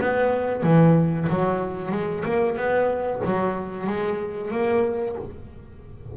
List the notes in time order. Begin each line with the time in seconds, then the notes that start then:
0.00 B3
0.63 E3
1.29 F#3
1.91 G#3
2.24 A#3
2.57 B3
3.24 F#3
3.87 G#3
4.51 A#3